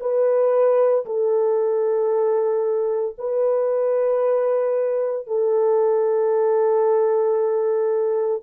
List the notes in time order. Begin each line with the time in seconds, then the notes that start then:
0.00 B4
1.06 A4
3.18 B4
5.27 A4